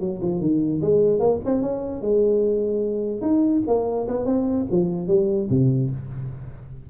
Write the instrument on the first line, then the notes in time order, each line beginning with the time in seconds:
tuba
0.00 F#3
0.22 F3
0.41 D#3
0.82 G#3
1.20 A#3
1.45 C4
1.62 C#4
2.02 G#3
3.22 D#4
3.67 A#3
4.08 B3
4.26 C4
4.71 F3
5.08 G3
5.50 C3